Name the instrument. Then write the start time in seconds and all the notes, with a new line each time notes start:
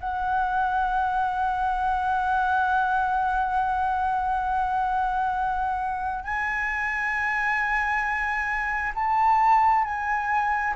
flute
0.00 F#5
6.24 G#5
8.95 A5
9.84 G#5